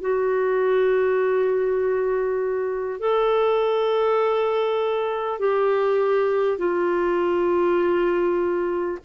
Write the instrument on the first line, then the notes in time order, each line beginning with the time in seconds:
clarinet
0.00 F#4
2.99 A4
5.38 G4
6.58 F4